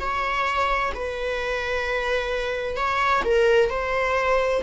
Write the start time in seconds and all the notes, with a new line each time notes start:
0.00 C#5
0.95 B4
2.77 C#5
3.25 A#4
3.70 C5